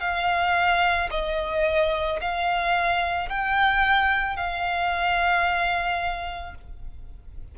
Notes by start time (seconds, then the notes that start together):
0.00 F5
1.11 D#5
2.21 F5
3.29 G5
4.36 F5